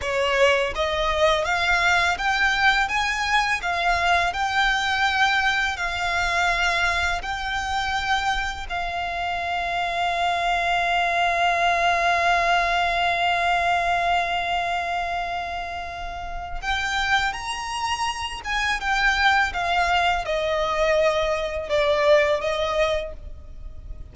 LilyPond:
\new Staff \with { instrumentName = "violin" } { \time 4/4 \tempo 4 = 83 cis''4 dis''4 f''4 g''4 | gis''4 f''4 g''2 | f''2 g''2 | f''1~ |
f''1~ | f''2. g''4 | ais''4. gis''8 g''4 f''4 | dis''2 d''4 dis''4 | }